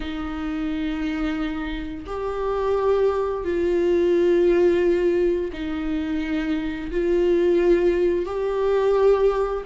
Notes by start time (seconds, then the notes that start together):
0.00 D#4
2.06 G4
3.44 F4
5.52 D#4
6.91 F4
8.25 G4